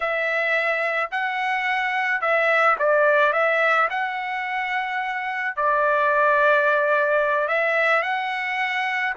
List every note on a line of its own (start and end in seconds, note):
0.00 1.10 E5
1.11 2.21 F#5
2.21 2.76 E5
2.78 3.33 D5
3.33 3.88 E5
3.89 5.56 F#5
5.56 7.48 D5
7.48 8.02 E5
8.02 9.13 F#5